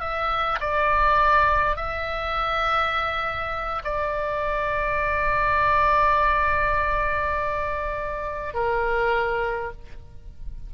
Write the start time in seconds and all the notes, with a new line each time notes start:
0.00 E5
0.60 D5
1.76 E5
3.84 D5
8.54 A#4